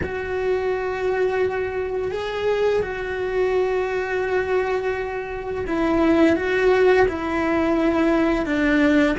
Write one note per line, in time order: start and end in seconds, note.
0.02 2.11 F#4
2.11 2.82 G#4
2.82 5.64 F#4
5.67 6.36 E4
6.36 7.06 F#4
7.08 8.45 E4
8.45 9.16 D4